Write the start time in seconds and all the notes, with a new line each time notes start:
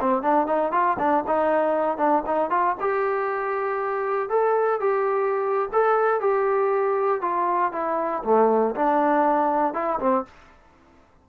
0.00 C4
0.22 D4
0.46 D#4
0.72 F4
0.99 D4
1.27 D#4
1.97 D4
2.26 D#4
2.50 F4
2.80 G4
4.29 A4
4.80 G4
5.72 A4
6.21 G4
7.21 F4
7.72 E4
8.24 A3
8.75 D4
9.74 E4
9.99 C4